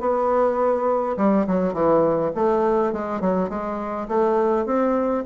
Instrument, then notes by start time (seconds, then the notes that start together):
bassoon
0.00 B3
1.17 G3
1.47 F#3
1.73 E3
2.35 A3
2.92 G#3
3.20 F#3
3.50 G#3
4.08 A3
4.66 C4